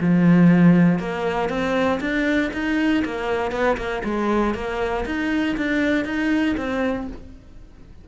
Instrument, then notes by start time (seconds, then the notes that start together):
cello
0.00 F3
0.99 A#3
1.49 C4
2.00 D4
2.53 D#4
3.04 A#3
3.51 B3
3.77 A#3
4.04 G#3
4.54 A#3
5.05 D#4
5.56 D4
6.05 D#4
6.57 C4